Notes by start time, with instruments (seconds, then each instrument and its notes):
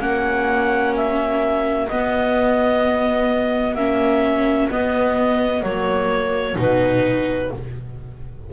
0.00 double bass A#3, viola C#4, oboe F#4, clarinet F#5
0.96 clarinet E5
1.88 double bass B3, viola B3, clarinet D#5
3.75 double bass A#3, viola C#4, clarinet E5
4.71 double bass B3, viola B3, clarinet D#5
5.63 double bass F#3, viola A#3, clarinet C#5
6.56 double bass B2, viola D#4, clarinet B4